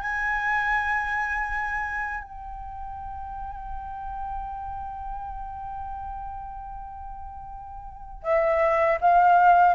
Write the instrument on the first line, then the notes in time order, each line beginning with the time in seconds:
flute
0.00 G#5
2.23 G5
8.23 E5
9.01 F5